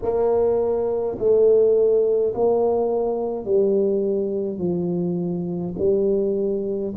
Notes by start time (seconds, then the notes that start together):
0.02 A#3
1.19 A3
2.34 A#3
3.45 G3
4.58 F3
5.78 G3